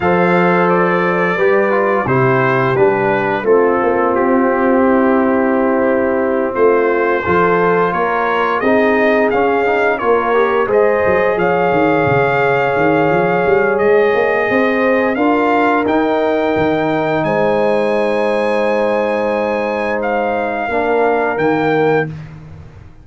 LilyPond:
<<
  \new Staff \with { instrumentName = "trumpet" } { \time 4/4 \tempo 4 = 87 f''4 d''2 c''4 | b'4 a'4 g'2~ | g'4. c''2 cis''8~ | cis''8 dis''4 f''4 cis''4 dis''8~ |
dis''8 f''2.~ f''8 | dis''2 f''4 g''4~ | g''4 gis''2.~ | gis''4 f''2 g''4 | }
  \new Staff \with { instrumentName = "horn" } { \time 4/4 c''2 b'4 g'4~ | g'4 f'2 e'4~ | e'4. f'4 a'4 ais'8~ | ais'8 gis'2 ais'4 c''8~ |
c''8 cis''2.~ cis''8~ | cis''4 c''4 ais'2~ | ais'4 c''2.~ | c''2 ais'2 | }
  \new Staff \with { instrumentName = "trombone" } { \time 4/4 a'2 g'8 f'8 e'4 | d'4 c'2.~ | c'2~ c'8 f'4.~ | f'8 dis'4 cis'8 dis'8 f'8 g'8 gis'8~ |
gis'1~ | gis'2 f'4 dis'4~ | dis'1~ | dis'2 d'4 ais4 | }
  \new Staff \with { instrumentName = "tuba" } { \time 4/4 f2 g4 c4 | g4 a8 ais8 c'2~ | c'4. a4 f4 ais8~ | ais8 c'4 cis'4 ais4 gis8 |
fis8 f8 dis8 cis4 dis8 f8 g8 | gis8 ais8 c'4 d'4 dis'4 | dis4 gis2.~ | gis2 ais4 dis4 | }
>>